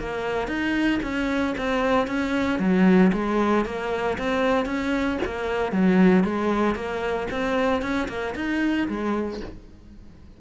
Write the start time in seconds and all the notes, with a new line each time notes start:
0.00 A#3
0.48 D#4
1.03 C#4
1.58 C4
2.08 C#4
2.60 F#3
3.14 G#3
3.66 A#3
4.18 C4
4.66 C#4
5.26 A#3
5.72 F#3
6.24 G#3
6.76 A#3
7.31 C4
7.83 C#4
8.09 A#3
8.36 D#4
8.89 G#3